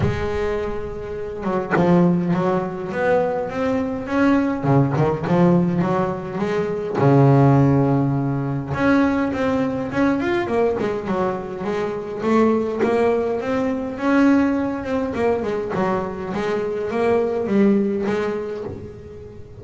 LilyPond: \new Staff \with { instrumentName = "double bass" } { \time 4/4 \tempo 4 = 103 gis2~ gis8 fis8 f4 | fis4 b4 c'4 cis'4 | cis8 dis8 f4 fis4 gis4 | cis2. cis'4 |
c'4 cis'8 f'8 ais8 gis8 fis4 | gis4 a4 ais4 c'4 | cis'4. c'8 ais8 gis8 fis4 | gis4 ais4 g4 gis4 | }